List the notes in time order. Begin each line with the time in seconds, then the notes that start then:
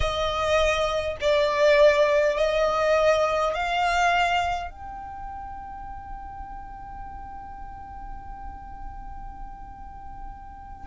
0.00 D#5
1.20 D5
2.36 D#5
3.54 F5
4.70 G5